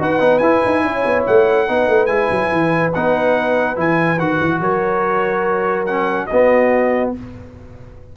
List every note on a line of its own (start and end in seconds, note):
0.00 0.21 D#4
0.00 0.20 F#4
0.00 0.84 B4
0.00 0.39 F#5
0.20 0.40 B3
0.20 0.41 D#4
0.39 0.61 E4
0.39 1.68 E4
0.39 1.23 G#5
0.66 0.84 D#4
0.84 1.05 C#4
0.84 1.69 C#5
1.06 1.27 B3
1.27 1.69 A3
1.27 2.07 F#5
1.68 1.88 B3
1.68 2.08 D#4
1.68 4.61 B4
1.88 2.08 A3
2.07 2.29 G#3
2.07 2.92 E4
2.07 2.91 G#5
2.31 2.52 F#3
2.52 2.94 E3
2.94 3.77 B3
2.94 3.76 D#4
2.94 3.78 F#5
3.76 4.19 E3
3.76 4.18 E4
3.76 4.19 G#5
4.19 4.40 D#3
4.19 5.88 F#4
4.19 4.61 F#5
4.40 4.61 E3
4.61 6.28 F#3
4.61 6.28 A#4
4.61 5.86 C#5
5.86 6.30 C#4
5.86 6.27 F#5
6.27 7.16 B3
6.27 7.13 F#4
6.27 7.11 D#5
6.33 7.17 B3